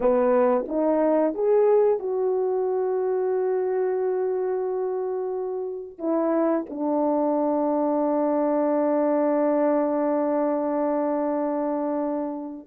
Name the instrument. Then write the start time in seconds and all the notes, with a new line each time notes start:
horn
0.00 B3
0.68 D#4
1.34 G#4
1.98 F#4
5.98 E4
6.69 D4